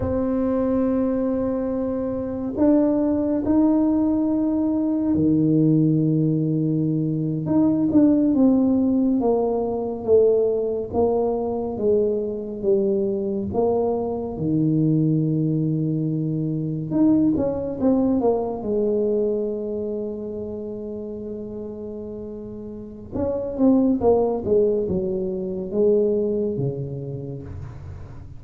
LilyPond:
\new Staff \with { instrumentName = "tuba" } { \time 4/4 \tempo 4 = 70 c'2. d'4 | dis'2 dis2~ | dis8. dis'8 d'8 c'4 ais4 a16~ | a8. ais4 gis4 g4 ais16~ |
ais8. dis2. dis'16~ | dis'16 cis'8 c'8 ais8 gis2~ gis16~ | gis2. cis'8 c'8 | ais8 gis8 fis4 gis4 cis4 | }